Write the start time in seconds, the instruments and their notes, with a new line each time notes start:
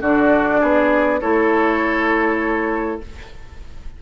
0.00 bassoon D3, clarinet D4, oboe F#4, flute D5
0.60 bassoon B3, oboe G#4
1.20 bassoon A3, clarinet E4, oboe A4, flute C#5